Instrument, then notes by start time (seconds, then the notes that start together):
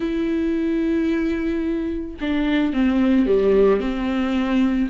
viola
0.00 E4
2.20 D4
2.73 C4
3.26 G3
3.80 C4